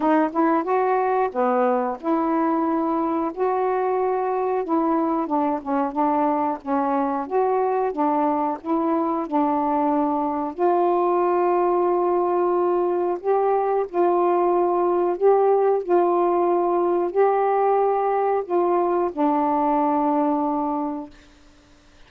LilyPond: \new Staff \with { instrumentName = "saxophone" } { \time 4/4 \tempo 4 = 91 dis'8 e'8 fis'4 b4 e'4~ | e'4 fis'2 e'4 | d'8 cis'8 d'4 cis'4 fis'4 | d'4 e'4 d'2 |
f'1 | g'4 f'2 g'4 | f'2 g'2 | f'4 d'2. | }